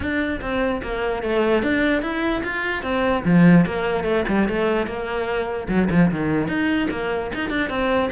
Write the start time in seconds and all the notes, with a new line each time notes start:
0.00 D4
0.41 C4
0.82 A#3
1.22 A3
1.63 D4
2.02 E4
2.43 F4
2.82 C4
3.25 F3
3.65 A#3
4.04 A3
4.28 G3
4.48 A3
4.86 A#3
5.68 F#3
5.90 F3
6.11 D#3
6.48 D#4
6.90 A#3
7.34 D#4
7.49 D4
7.69 C4